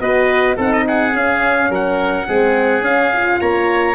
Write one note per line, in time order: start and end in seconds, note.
0.00 0.57 B3
0.00 0.56 F#4
0.00 0.56 B4
0.00 0.57 D#5
0.56 1.13 C4
0.56 1.13 D#4
0.56 0.84 A4
0.56 0.72 F#5
0.72 0.86 D#5
0.87 1.70 G#4
0.87 1.16 F#5
1.13 1.69 C#4
1.13 2.26 C#4
1.13 1.73 F5
1.69 2.26 F#3
1.69 2.27 A#4
1.69 2.84 F#5
2.26 2.80 G#3
2.26 2.83 C4
2.26 3.40 G#4
2.80 3.37 C#4
2.80 3.12 C#4
2.80 3.40 F5
3.13 3.95 F4
3.40 3.95 A#3
3.40 3.95 C#5
3.40 3.95 A#5